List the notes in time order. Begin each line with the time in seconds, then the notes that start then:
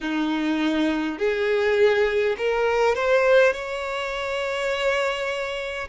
0.00 D#4
1.18 G#4
2.37 A#4
2.95 C5
3.52 C#5